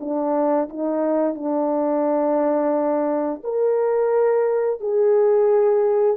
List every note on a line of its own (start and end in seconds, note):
0.00 0.69 D4
0.70 1.35 D#4
1.35 3.42 D4
3.44 4.81 A#4
4.81 6.17 G#4